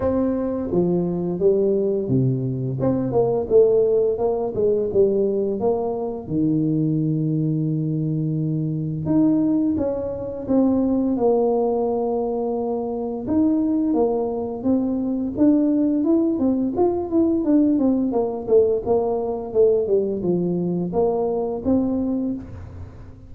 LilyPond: \new Staff \with { instrumentName = "tuba" } { \time 4/4 \tempo 4 = 86 c'4 f4 g4 c4 | c'8 ais8 a4 ais8 gis8 g4 | ais4 dis2.~ | dis4 dis'4 cis'4 c'4 |
ais2. dis'4 | ais4 c'4 d'4 e'8 c'8 | f'8 e'8 d'8 c'8 ais8 a8 ais4 | a8 g8 f4 ais4 c'4 | }